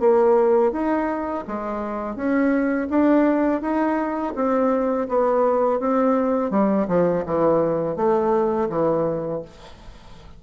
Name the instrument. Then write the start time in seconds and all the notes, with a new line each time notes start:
bassoon
0.00 A#3
0.72 D#4
1.48 G#3
2.16 C#4
2.90 D4
3.62 D#4
4.36 C4
5.09 B3
5.80 C4
6.51 G3
6.88 F3
7.26 E3
7.96 A3
8.70 E3